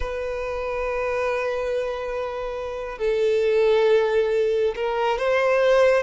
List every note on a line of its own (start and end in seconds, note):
0.00 2.98 B4
2.98 4.74 A4
4.75 5.18 A#4
5.18 6.02 C5